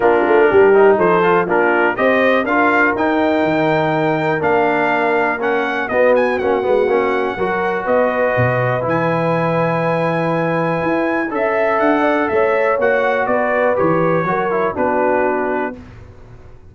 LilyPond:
<<
  \new Staff \with { instrumentName = "trumpet" } { \time 4/4 \tempo 4 = 122 ais'2 c''4 ais'4 | dis''4 f''4 g''2~ | g''4 f''2 fis''4 | dis''8 gis''8 fis''2. |
dis''2 gis''2~ | gis''2. e''4 | fis''4 e''4 fis''4 d''4 | cis''2 b'2 | }
  \new Staff \with { instrumentName = "horn" } { \time 4/4 f'4 g'4 a'4 f'4 | c''4 ais'2.~ | ais'1 | fis'2. ais'4 |
b'1~ | b'2. e''4~ | e''8 d''8 cis''2 b'4~ | b'4 ais'4 fis'2 | }
  \new Staff \with { instrumentName = "trombone" } { \time 4/4 d'4. dis'4 f'8 d'4 | g'4 f'4 dis'2~ | dis'4 d'2 cis'4 | b4 cis'8 b8 cis'4 fis'4~ |
fis'2 e'2~ | e'2. a'4~ | a'2 fis'2 | g'4 fis'8 e'8 d'2 | }
  \new Staff \with { instrumentName = "tuba" } { \time 4/4 ais8 a8 g4 f4 ais4 | c'4 d'4 dis'4 dis4~ | dis4 ais2. | b4 ais8 gis8 ais4 fis4 |
b4 b,4 e2~ | e2 e'4 cis'4 | d'4 a4 ais4 b4 | e4 fis4 b2 | }
>>